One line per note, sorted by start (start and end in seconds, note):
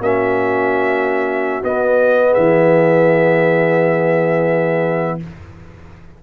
0.00 1.61 A#3
0.00 1.63 C#4
0.00 2.30 F#4
0.00 1.64 E5
1.63 5.20 B3
1.63 2.35 B3
1.63 2.34 D#5
2.30 5.16 G#4
2.30 5.19 E5
2.37 5.23 E3